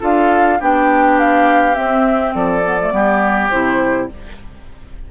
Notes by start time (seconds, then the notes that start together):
0.00 D4 F4 A4 F5
0.60 B3 D4 G4 G5
1.19 F5
1.74 C4 E5
2.34 F3 A4 D5
2.64 B3
2.80 A3
2.91 G3 B3 G4
3.50 C3 E4 C5